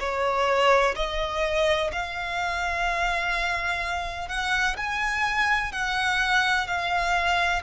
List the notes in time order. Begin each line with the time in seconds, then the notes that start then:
0.00 C#5
0.96 D#5
1.92 F5
4.29 F#5
4.77 G#5
5.72 F#5
6.68 F5